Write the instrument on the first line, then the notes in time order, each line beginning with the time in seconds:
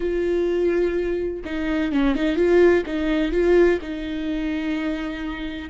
viola
0.00 F4
1.44 D#4
1.92 C#4
2.15 D#4
2.35 F4
2.86 D#4
3.31 F4
3.81 D#4